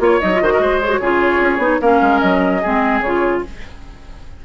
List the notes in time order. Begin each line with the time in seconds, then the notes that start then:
0.00 A#3 F4 C#5
0.21 F#3 D#4 D#5
0.34 F4
0.42 D#3 F#4 C5
0.53 A#4
0.59 G#3 C5
0.82 G#4 C#5
0.90 F#4
1.00 C#3 F4 G#4
1.41 C#4
1.58 B3 D#4
1.81 A#3 C#4 A#4 F5
2.01 G#3
2.19 F#3 D#5
2.62 G#3 C4 G#4
3.01 C#3 F4 C#5